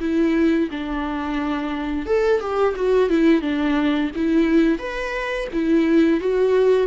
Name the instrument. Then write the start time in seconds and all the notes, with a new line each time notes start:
viola
0.00 E4
0.71 D4
2.06 A4
2.40 G4
2.75 F#4
3.09 E4
3.42 D4
4.15 E4
4.79 B4
5.53 E4
6.20 F#4